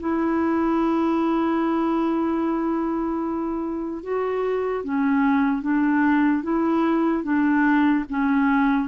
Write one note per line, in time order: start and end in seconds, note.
0.00 4.03 E4
4.03 4.84 F#4
4.84 5.62 C#4
5.62 6.43 D4
6.43 7.23 E4
7.23 8.05 D4
8.09 8.88 C#4